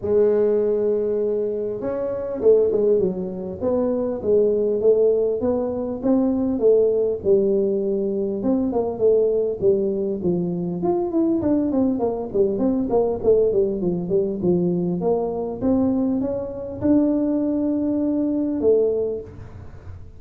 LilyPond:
\new Staff \with { instrumentName = "tuba" } { \time 4/4 \tempo 4 = 100 gis2. cis'4 | a8 gis8 fis4 b4 gis4 | a4 b4 c'4 a4 | g2 c'8 ais8 a4 |
g4 f4 f'8 e'8 d'8 c'8 | ais8 g8 c'8 ais8 a8 g8 f8 g8 | f4 ais4 c'4 cis'4 | d'2. a4 | }